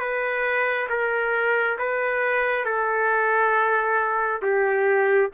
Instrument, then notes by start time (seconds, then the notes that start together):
trumpet
0.00 B4
0.90 A#4
1.79 B4
2.66 A4
4.43 G4